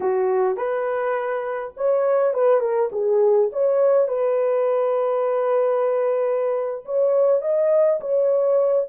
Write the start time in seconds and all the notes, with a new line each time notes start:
0.00 F#4
0.57 B4
1.76 C#5
2.33 B4
2.60 A#4
2.92 G#4
3.52 C#5
4.08 B4
6.85 C#5
7.41 D#5
8.00 C#5